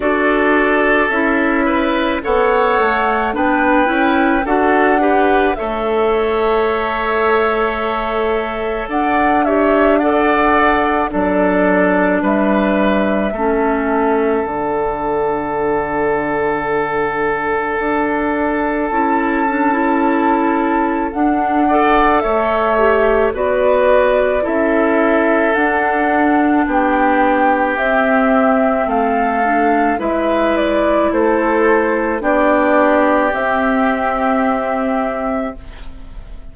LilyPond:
<<
  \new Staff \with { instrumentName = "flute" } { \time 4/4 \tempo 4 = 54 d''4 e''4 fis''4 g''4 | fis''4 e''2. | fis''8 e''8 fis''4 d''4 e''4~ | e''4 fis''2.~ |
fis''4 a''2 fis''4 | e''4 d''4 e''4 fis''4 | g''4 e''4 f''4 e''8 d''8 | c''4 d''4 e''2 | }
  \new Staff \with { instrumentName = "oboe" } { \time 4/4 a'4. b'8 cis''4 b'4 | a'8 b'8 cis''2. | d''8 cis''8 d''4 a'4 b'4 | a'1~ |
a'2.~ a'8 d''8 | cis''4 b'4 a'2 | g'2 a'4 b'4 | a'4 g'2. | }
  \new Staff \with { instrumentName = "clarinet" } { \time 4/4 fis'4 e'4 a'4 d'8 e'8 | fis'8 g'8 a'2.~ | a'8 g'8 a'4 d'2 | cis'4 d'2.~ |
d'4 e'8 d'16 e'4~ e'16 d'8 a'8~ | a'8 g'8 fis'4 e'4 d'4~ | d'4 c'4. d'8 e'4~ | e'4 d'4 c'2 | }
  \new Staff \with { instrumentName = "bassoon" } { \time 4/4 d'4 cis'4 b8 a8 b8 cis'8 | d'4 a2. | d'2 fis4 g4 | a4 d2. |
d'4 cis'2 d'4 | a4 b4 cis'4 d'4 | b4 c'4 a4 gis4 | a4 b4 c'2 | }
>>